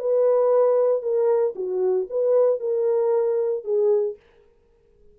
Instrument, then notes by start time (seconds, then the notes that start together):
horn
0.00 B4
1.02 A#4
1.56 F#4
2.10 B4
2.60 A#4
3.65 G#4